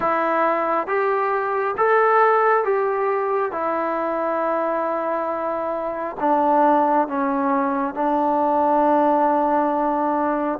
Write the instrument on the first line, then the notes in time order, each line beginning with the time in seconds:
trombone
0.00 E4
0.87 G4
1.76 A4
2.64 G4
3.51 E4
6.20 D4
7.07 C#4
7.94 D4